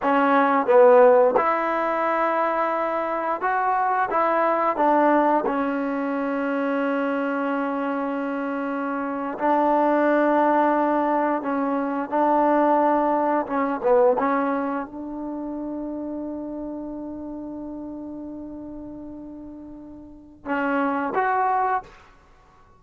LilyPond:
\new Staff \with { instrumentName = "trombone" } { \time 4/4 \tempo 4 = 88 cis'4 b4 e'2~ | e'4 fis'4 e'4 d'4 | cis'1~ | cis'4.~ cis'16 d'2~ d'16~ |
d'8. cis'4 d'2 cis'16~ | cis'16 b8 cis'4 d'2~ d'16~ | d'1~ | d'2 cis'4 fis'4 | }